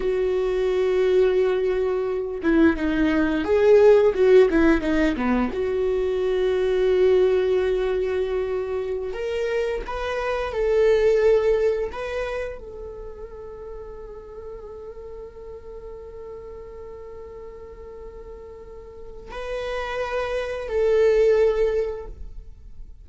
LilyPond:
\new Staff \with { instrumentName = "viola" } { \time 4/4 \tempo 4 = 87 fis'2.~ fis'8 e'8 | dis'4 gis'4 fis'8 e'8 dis'8 b8 | fis'1~ | fis'4~ fis'16 ais'4 b'4 a'8.~ |
a'4~ a'16 b'4 a'4.~ a'16~ | a'1~ | a'1 | b'2 a'2 | }